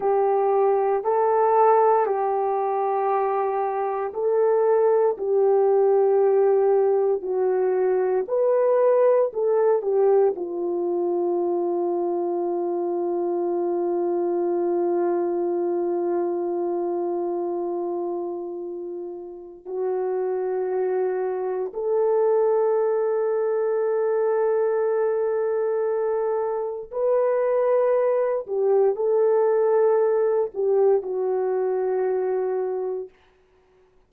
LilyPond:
\new Staff \with { instrumentName = "horn" } { \time 4/4 \tempo 4 = 58 g'4 a'4 g'2 | a'4 g'2 fis'4 | b'4 a'8 g'8 f'2~ | f'1~ |
f'2. fis'4~ | fis'4 a'2.~ | a'2 b'4. g'8 | a'4. g'8 fis'2 | }